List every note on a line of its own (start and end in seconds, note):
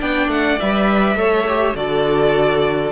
0.00 0.28 B3
0.00 0.59 D4
0.00 1.18 D5
0.00 0.31 G5
0.28 0.58 A3
0.28 0.60 F#5
0.60 1.15 G3
0.60 1.17 B4
0.60 1.76 E5
1.15 1.74 A3
1.15 1.46 A4
1.15 1.77 C#5
1.49 1.76 G4
1.76 2.92 D3
1.76 2.92 F#4
1.76 2.92 A4
1.76 2.92 D5